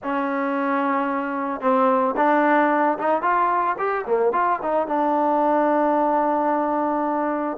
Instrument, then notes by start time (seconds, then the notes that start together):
trombone
0.03 C#4
1.60 C4
2.16 D4
2.98 D#4
3.22 F4
3.78 G4
4.06 A#3
4.32 F4
4.62 D#4
4.87 D4